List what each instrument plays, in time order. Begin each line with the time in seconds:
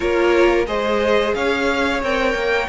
0.00 cello A#3, viola F4, violin A#4 C#5
0.67 cello G#3, viola G#4, violin C5 D#5
1.34 cello C#4, violin C#5 F5
2.02 cello C4, viola A#4, violin G5
2.34 cello A#3